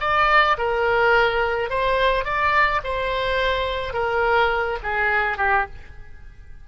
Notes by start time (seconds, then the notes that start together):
0.00 D5
0.57 A#4
1.70 C5
2.24 D5
2.83 C5
3.93 A#4
4.82 G#4
5.37 G4